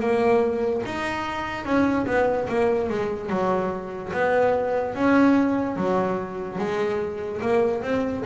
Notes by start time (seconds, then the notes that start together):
0.00 A#3
0.86 D#4
1.65 C#4
2.07 B3
2.49 A#3
2.90 G#3
3.30 F#3
4.13 B3
4.95 C#4
5.76 F#3
6.59 G#3
7.42 A#3
7.83 C4